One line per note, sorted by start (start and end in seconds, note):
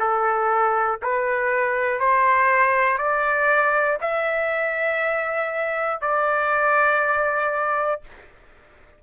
0.00 1.00 A4
1.02 2.00 B4
2.00 2.98 C5
2.98 3.98 D5
4.01 6.01 E5
6.01 8.01 D5